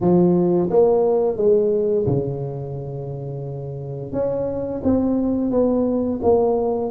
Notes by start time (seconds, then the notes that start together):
0.00 F3
0.70 A#3
1.36 G#3
2.06 C#3
4.12 C#4
4.83 C4
5.50 B3
6.22 A#3